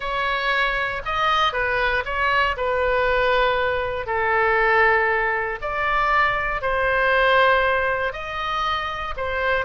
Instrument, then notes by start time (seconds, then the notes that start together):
oboe
0.00 C#5
1.05 D#5
1.52 B4
2.05 C#5
2.56 B4
4.06 A4
5.61 D5
6.61 C5
8.12 D#5
9.16 C5